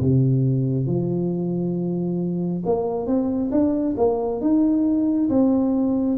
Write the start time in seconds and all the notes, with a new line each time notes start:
0.00 C3
0.87 F3
2.66 A#3
3.06 C4
3.51 D4
3.97 A#3
4.41 D#4
5.29 C4